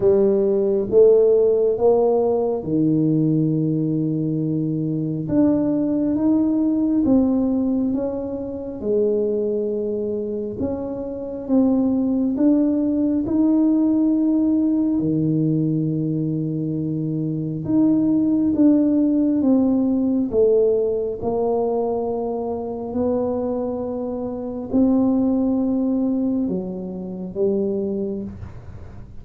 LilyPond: \new Staff \with { instrumentName = "tuba" } { \time 4/4 \tempo 4 = 68 g4 a4 ais4 dis4~ | dis2 d'4 dis'4 | c'4 cis'4 gis2 | cis'4 c'4 d'4 dis'4~ |
dis'4 dis2. | dis'4 d'4 c'4 a4 | ais2 b2 | c'2 fis4 g4 | }